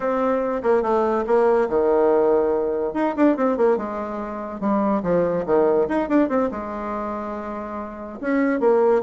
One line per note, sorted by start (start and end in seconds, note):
0.00 0.62 C4
0.62 0.82 A#3
0.82 1.24 A3
1.26 1.68 A#3
1.68 2.93 D#3
2.93 3.14 D#4
3.16 3.36 D4
3.36 3.57 C4
3.57 3.77 A#3
3.77 4.60 G#3
4.60 5.02 G3
5.03 5.45 F3
5.45 5.87 D#3
5.88 6.08 D#4
6.08 6.28 D4
6.28 6.49 C4
6.51 8.19 G#3
8.20 8.60 C#4
8.60 9.02 A#3